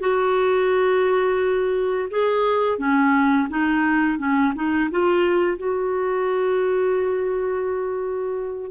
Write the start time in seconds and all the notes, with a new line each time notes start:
0.00 F#4
2.11 G#4
2.78 C#4
3.50 D#4
4.19 C#4
4.55 D#4
4.91 F4
5.58 F#4